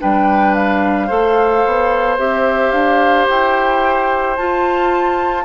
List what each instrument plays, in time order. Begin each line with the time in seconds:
0.00 bassoon G3, clarinet D4, oboe B4, flute G5
0.55 flute F5
1.07 bassoon A3, clarinet A4, oboe C5
1.66 bassoon B3
2.19 bassoon C4, clarinet G4, flute E5
2.72 bassoon D4, flute F5
3.28 bassoon E4, flute G5
4.36 bassoon F4, clarinet F4, flute A5